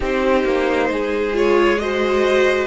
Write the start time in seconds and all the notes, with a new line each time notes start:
0.00 C4 D#4 G4 C5
0.44 A#3
0.89 G#3 G#4
1.33 F4 C#5
1.78 F#4 C5 D#5